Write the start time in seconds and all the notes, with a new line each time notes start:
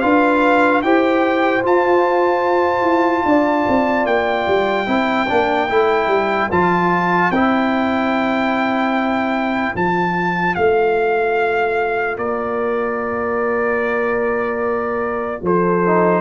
0.00 D4 F4 B4 F5
0.81 E4 G4 C5 G5
1.62 F4 A5
2.82 E4
3.25 D4 D5
3.68 C4
4.05 A#3 G5
4.47 G3
4.86 C4 E4 C5
5.27 A#3 D4
5.69 A3 E4
6.07 G3
6.51 F3 F4 A5
7.30 C4 E4 G5
9.74 F3 F4 A5
10.54 A3 F5
12.16 A#3 A#4 D5
15.41 F3 A4 C5
15.86 D#4